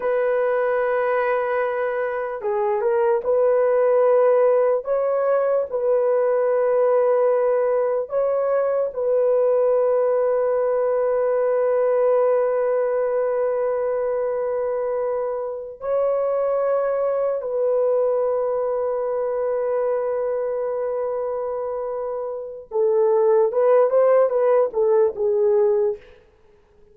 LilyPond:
\new Staff \with { instrumentName = "horn" } { \time 4/4 \tempo 4 = 74 b'2. gis'8 ais'8 | b'2 cis''4 b'4~ | b'2 cis''4 b'4~ | b'1~ |
b'2.~ b'8 cis''8~ | cis''4. b'2~ b'8~ | b'1 | a'4 b'8 c''8 b'8 a'8 gis'4 | }